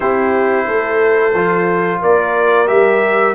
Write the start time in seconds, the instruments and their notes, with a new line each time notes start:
0.00 tuba C4, trombone E4, horn G4, trumpet C5
0.67 tuba A3, horn A4
1.33 tuba F3, trombone F4
2.01 tuba A#3, horn A#4, trumpet D5
2.67 tuba G3, trombone G4, trumpet E5